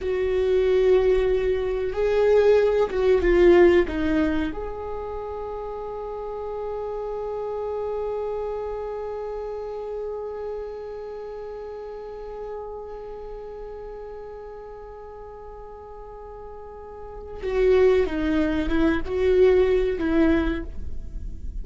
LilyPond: \new Staff \with { instrumentName = "viola" } { \time 4/4 \tempo 4 = 93 fis'2. gis'4~ | gis'8 fis'8 f'4 dis'4 gis'4~ | gis'1~ | gis'1~ |
gis'1~ | gis'1~ | gis'2. fis'4 | dis'4 e'8 fis'4. e'4 | }